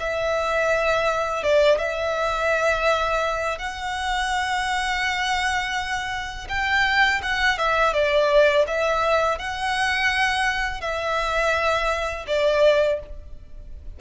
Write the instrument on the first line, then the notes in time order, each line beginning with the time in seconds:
violin
0.00 E5
1.43 D5
1.79 E5
3.58 F#5
6.49 G5
7.23 F#5
7.58 E5
7.93 D5
8.67 E5
9.38 F#5
10.81 E5
12.28 D5